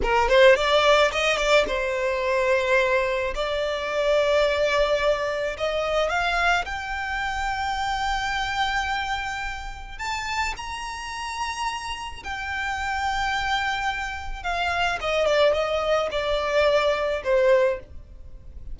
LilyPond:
\new Staff \with { instrumentName = "violin" } { \time 4/4 \tempo 4 = 108 ais'8 c''8 d''4 dis''8 d''8 c''4~ | c''2 d''2~ | d''2 dis''4 f''4 | g''1~ |
g''2 a''4 ais''4~ | ais''2 g''2~ | g''2 f''4 dis''8 d''8 | dis''4 d''2 c''4 | }